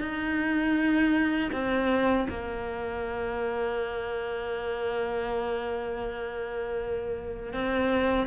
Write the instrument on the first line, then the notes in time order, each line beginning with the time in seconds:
cello
0.00 D#4
1.52 C4
2.29 A#3
7.53 C4